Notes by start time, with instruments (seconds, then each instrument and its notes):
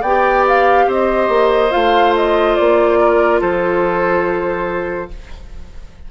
0.00 bassoon B3, oboe D5, flute G5
0.06 clarinet G4
0.47 flute F5
0.87 bassoon C4, oboe C5, flute D#5
1.28 bassoon A#3
1.70 bassoon A3, clarinet F4, flute F5
2.15 flute D#5
2.55 bassoon A#3, flute D5
2.99 oboe A#4
3.40 bassoon F3, oboe A4, flute C5